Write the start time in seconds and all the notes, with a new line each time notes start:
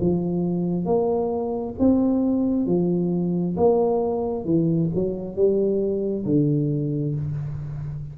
0.00 F3
0.85 A#3
1.79 C4
2.66 F3
3.56 A#3
4.45 E3
4.95 F#3
5.35 G3
6.25 D3